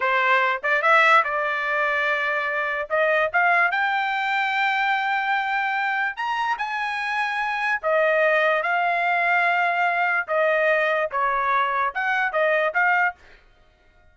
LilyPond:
\new Staff \with { instrumentName = "trumpet" } { \time 4/4 \tempo 4 = 146 c''4. d''8 e''4 d''4~ | d''2. dis''4 | f''4 g''2.~ | g''2. ais''4 |
gis''2. dis''4~ | dis''4 f''2.~ | f''4 dis''2 cis''4~ | cis''4 fis''4 dis''4 f''4 | }